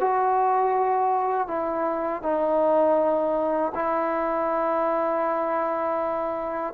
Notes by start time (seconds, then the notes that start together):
0.00 F#4
1.48 E4
2.23 D#4
3.75 E4